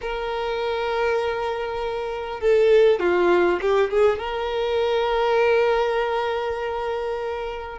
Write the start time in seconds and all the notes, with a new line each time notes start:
0.01 A#4
2.40 A4
2.99 F4
3.61 G4
3.90 G#4
4.18 A#4